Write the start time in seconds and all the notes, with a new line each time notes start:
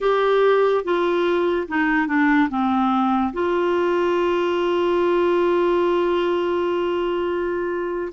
0.00 G4
0.84 F4
1.68 D#4
2.07 D4
2.49 C4
3.33 F4